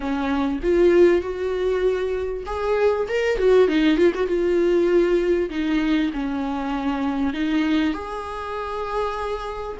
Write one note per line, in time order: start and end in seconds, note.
0.00 0.59 C#4
0.62 1.21 F4
1.21 2.44 F#4
2.45 3.07 G#4
3.08 3.38 A#4
3.38 3.67 F#4
3.67 3.97 D#4
3.97 4.12 F4
4.14 4.27 F#4
4.27 5.49 F4
5.49 6.11 D#4
6.13 7.33 C#4
7.33 7.93 D#4
7.93 9.77 G#4